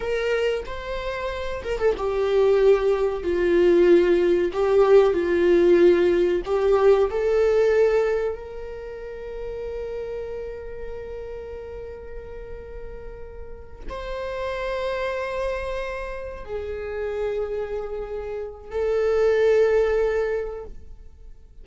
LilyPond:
\new Staff \with { instrumentName = "viola" } { \time 4/4 \tempo 4 = 93 ais'4 c''4. ais'16 a'16 g'4~ | g'4 f'2 g'4 | f'2 g'4 a'4~ | a'4 ais'2.~ |
ais'1~ | ais'4. c''2~ c''8~ | c''4. gis'2~ gis'8~ | gis'4 a'2. | }